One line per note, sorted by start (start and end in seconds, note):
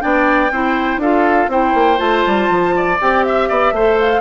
0.00 0.51 B3
0.00 0.50 D4
0.00 0.52 D5
0.00 1.00 G5
0.51 0.97 C4
0.51 1.02 E4
0.51 1.01 C5
0.97 1.46 D4
0.97 1.50 F4
0.97 1.50 A4
0.97 1.50 F5
1.48 1.73 C4
1.48 1.97 E4
1.48 2.74 C5
1.48 1.99 G5
1.74 1.99 A#3
1.97 2.24 A3
1.97 2.96 F4
1.97 2.98 A5
2.26 2.49 G3
2.49 2.99 F3
2.76 3.25 D5
3.01 3.50 C4
3.01 3.75 G4
3.01 3.24 G5
3.24 3.98 E5
3.24 3.48 E5
3.48 3.71 B3
3.48 3.73 D5
3.71 4.20 A3
3.71 4.20 A4
3.71 4.20 C5
4.00 4.20 F5